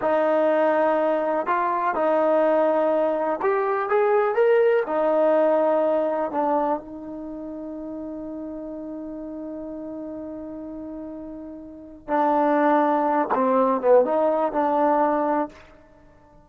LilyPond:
\new Staff \with { instrumentName = "trombone" } { \time 4/4 \tempo 4 = 124 dis'2. f'4 | dis'2. g'4 | gis'4 ais'4 dis'2~ | dis'4 d'4 dis'2~ |
dis'1~ | dis'1~ | dis'4 d'2~ d'8 c'8~ | c'8 b8 dis'4 d'2 | }